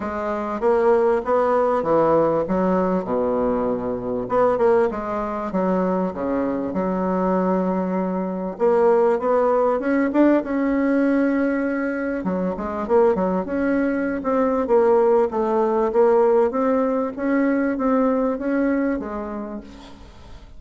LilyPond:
\new Staff \with { instrumentName = "bassoon" } { \time 4/4 \tempo 4 = 98 gis4 ais4 b4 e4 | fis4 b,2 b8 ais8 | gis4 fis4 cis4 fis4~ | fis2 ais4 b4 |
cis'8 d'8 cis'2. | fis8 gis8 ais8 fis8 cis'4~ cis'16 c'8. | ais4 a4 ais4 c'4 | cis'4 c'4 cis'4 gis4 | }